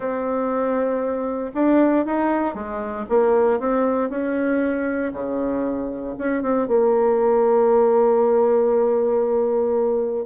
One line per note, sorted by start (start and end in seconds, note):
0.00 1.51 C4
1.54 2.05 D4
2.05 2.54 D#4
2.54 3.05 G#3
3.09 3.59 A#3
3.59 4.09 C4
4.09 5.12 C#4
5.13 6.15 C#3
6.18 6.42 C#4
6.42 6.67 C4
6.67 10.26 A#3